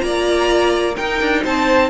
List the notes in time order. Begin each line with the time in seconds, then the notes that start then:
0.00 A#3 F4 D5 A#5
0.96 D#4 A#4 G5
1.21 D4
1.44 C4 C5 A5